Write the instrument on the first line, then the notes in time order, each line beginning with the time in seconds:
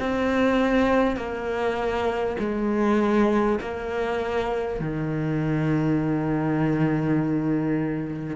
cello
0.00 C4
1.17 A#3
2.39 G#3
3.62 A#3
4.81 D#3